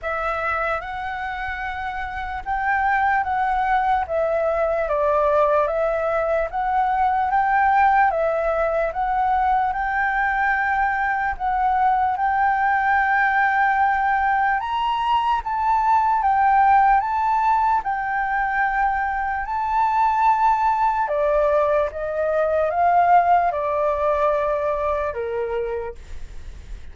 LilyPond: \new Staff \with { instrumentName = "flute" } { \time 4/4 \tempo 4 = 74 e''4 fis''2 g''4 | fis''4 e''4 d''4 e''4 | fis''4 g''4 e''4 fis''4 | g''2 fis''4 g''4~ |
g''2 ais''4 a''4 | g''4 a''4 g''2 | a''2 d''4 dis''4 | f''4 d''2 ais'4 | }